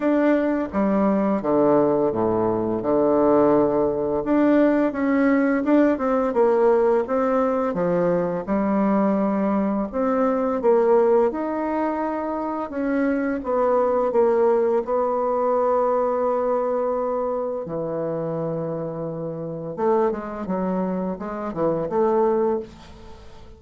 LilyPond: \new Staff \with { instrumentName = "bassoon" } { \time 4/4 \tempo 4 = 85 d'4 g4 d4 a,4 | d2 d'4 cis'4 | d'8 c'8 ais4 c'4 f4 | g2 c'4 ais4 |
dis'2 cis'4 b4 | ais4 b2.~ | b4 e2. | a8 gis8 fis4 gis8 e8 a4 | }